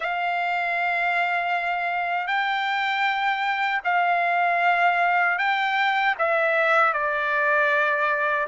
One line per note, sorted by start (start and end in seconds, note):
0.00 2.27 F5
2.27 3.81 G5
3.84 5.38 F5
5.38 6.15 G5
6.18 6.93 E5
6.93 8.47 D5